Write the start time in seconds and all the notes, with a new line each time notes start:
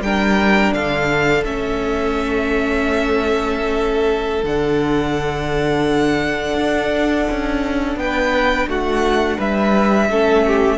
0.00 G3 D4 A#4 G5
0.73 D3 A4 F5
1.44 A3 C#4 E5
4.44 D3 D4 F#5
6.55 D4
7.31 C#4
7.96 B3 B4 G5
8.67 A3 F#4 F#5
9.37 G3 B4 E5
10.10 A3 C#4 A4
10.47 G4